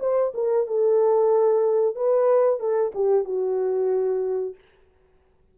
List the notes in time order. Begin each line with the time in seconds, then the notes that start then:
0.00 C5
0.34 A#4
0.67 A4
1.96 B4
2.60 A4
2.95 G4
3.25 F#4